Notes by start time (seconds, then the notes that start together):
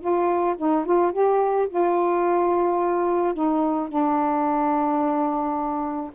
0.00 F4
0.58 D#4
0.86 F4
1.12 G4
1.69 F4
3.34 D#4
3.89 D4